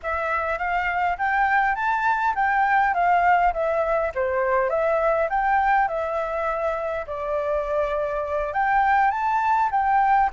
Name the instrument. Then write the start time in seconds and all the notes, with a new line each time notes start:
flute
0.02 E5
0.58 F5
1.18 G5
1.75 A5
2.35 G5
2.94 F5
3.53 E5
4.14 C5
4.69 E5
5.29 G5
5.88 E5
7.06 D5
8.53 G5
9.10 A5
9.71 G5